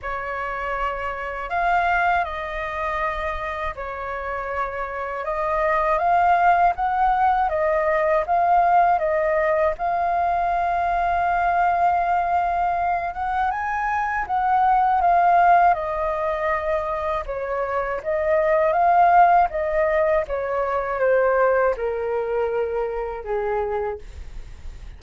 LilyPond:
\new Staff \with { instrumentName = "flute" } { \time 4/4 \tempo 4 = 80 cis''2 f''4 dis''4~ | dis''4 cis''2 dis''4 | f''4 fis''4 dis''4 f''4 | dis''4 f''2.~ |
f''4. fis''8 gis''4 fis''4 | f''4 dis''2 cis''4 | dis''4 f''4 dis''4 cis''4 | c''4 ais'2 gis'4 | }